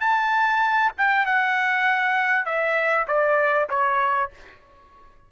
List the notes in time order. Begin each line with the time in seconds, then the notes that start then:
0.00 A5
0.98 G5
1.26 F#5
2.45 E5
3.07 D5
3.69 C#5